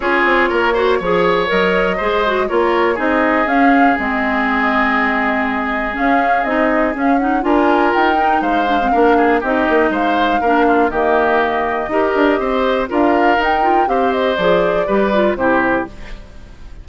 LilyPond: <<
  \new Staff \with { instrumentName = "flute" } { \time 4/4 \tempo 4 = 121 cis''2. dis''4~ | dis''4 cis''4 dis''4 f''4 | dis''1 | f''4 dis''4 f''8 fis''8 gis''4 |
g''4 f''2 dis''4 | f''2 dis''2~ | dis''2 f''4 g''4 | f''8 dis''8 d''2 c''4 | }
  \new Staff \with { instrumentName = "oboe" } { \time 4/4 gis'4 ais'8 c''8 cis''2 | c''4 ais'4 gis'2~ | gis'1~ | gis'2. ais'4~ |
ais'4 c''4 ais'8 gis'8 g'4 | c''4 ais'8 f'8 g'2 | ais'4 c''4 ais'2 | c''2 b'4 g'4 | }
  \new Staff \with { instrumentName = "clarinet" } { \time 4/4 f'4. fis'8 gis'4 ais'4 | gis'8 fis'8 f'4 dis'4 cis'4 | c'1 | cis'4 dis'4 cis'8 dis'8 f'4~ |
f'8 dis'4 d'16 c'16 d'4 dis'4~ | dis'4 d'4 ais2 | g'2 f'4 dis'8 f'8 | g'4 gis'4 g'8 f'8 e'4 | }
  \new Staff \with { instrumentName = "bassoon" } { \time 4/4 cis'8 c'8 ais4 f4 fis4 | gis4 ais4 c'4 cis'4 | gis1 | cis'4 c'4 cis'4 d'4 |
dis'4 gis4 ais4 c'8 ais8 | gis4 ais4 dis2 | dis'8 d'8 c'4 d'4 dis'4 | c'4 f4 g4 c4 | }
>>